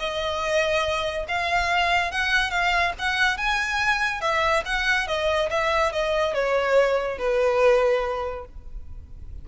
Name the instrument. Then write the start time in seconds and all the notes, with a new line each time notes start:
violin
0.00 D#5
1.29 F5
2.12 F#5
2.51 F5
2.99 F#5
3.38 G#5
4.21 E5
4.66 F#5
5.08 D#5
5.51 E5
5.93 D#5
6.34 C#5
7.19 B4